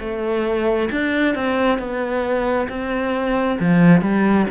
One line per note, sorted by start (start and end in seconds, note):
0.00 0.90 A3
0.92 1.35 D4
1.35 1.79 C4
1.79 2.68 B3
2.69 3.59 C4
3.60 4.02 F3
4.02 4.47 G3